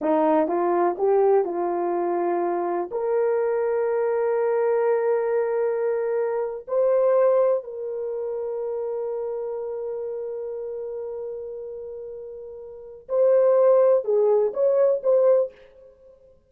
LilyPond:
\new Staff \with { instrumentName = "horn" } { \time 4/4 \tempo 4 = 124 dis'4 f'4 g'4 f'4~ | f'2 ais'2~ | ais'1~ | ais'4.~ ais'16 c''2 ais'16~ |
ais'1~ | ais'1~ | ais'2. c''4~ | c''4 gis'4 cis''4 c''4 | }